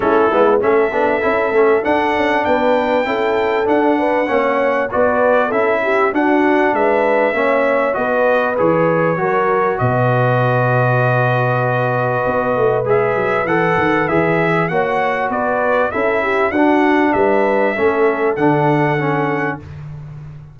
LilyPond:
<<
  \new Staff \with { instrumentName = "trumpet" } { \time 4/4 \tempo 4 = 98 a'4 e''2 fis''4 | g''2 fis''2 | d''4 e''4 fis''4 e''4~ | e''4 dis''4 cis''2 |
dis''1~ | dis''4 e''4 fis''4 e''4 | fis''4 d''4 e''4 fis''4 | e''2 fis''2 | }
  \new Staff \with { instrumentName = "horn" } { \time 4/4 e'4 a'2. | b'4 a'4. b'8 cis''4 | b'4 a'8 g'8 fis'4 b'4 | cis''4 b'2 ais'4 |
b'1~ | b'1 | cis''4 b'4 a'8 g'8 fis'4 | b'4 a'2. | }
  \new Staff \with { instrumentName = "trombone" } { \time 4/4 cis'8 b8 cis'8 d'8 e'8 cis'8 d'4~ | d'4 e'4 d'4 cis'4 | fis'4 e'4 d'2 | cis'4 fis'4 gis'4 fis'4~ |
fis'1~ | fis'4 gis'4 a'4 gis'4 | fis'2 e'4 d'4~ | d'4 cis'4 d'4 cis'4 | }
  \new Staff \with { instrumentName = "tuba" } { \time 4/4 a8 gis8 a8 b8 cis'8 a8 d'8 cis'8 | b4 cis'4 d'4 ais4 | b4 cis'4 d'4 gis4 | ais4 b4 e4 fis4 |
b,1 | b8 a8 gis8 fis8 e8 dis8 e4 | ais4 b4 cis'4 d'4 | g4 a4 d2 | }
>>